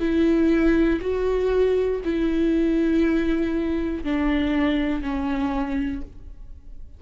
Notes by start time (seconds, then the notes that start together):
0.00 E4
1.01 F#4
2.05 E4
4.04 D4
5.02 C#4